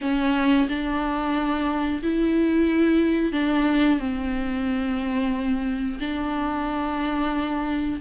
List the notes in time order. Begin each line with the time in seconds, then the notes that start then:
0.01 C#4
0.68 D4
2.02 E4
3.32 D4
3.99 C4
6.00 D4